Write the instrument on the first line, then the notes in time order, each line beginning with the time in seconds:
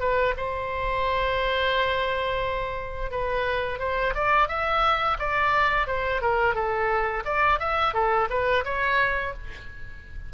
oboe
0.00 B4
0.37 C5
3.12 B4
3.79 C5
4.15 D5
4.49 E5
5.19 D5
5.87 C5
6.22 A#4
6.55 A4
7.25 D5
7.60 E5
7.94 A4
8.30 B4
8.65 C#5